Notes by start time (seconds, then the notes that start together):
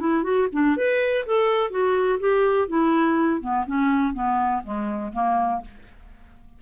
0.00 E4
0.24 F#4
0.53 D4
0.77 B4
1.27 A4
1.71 F#4
2.20 G4
2.68 E4
3.41 B3
3.67 C#4
4.14 B3
4.64 G#3
5.14 A#3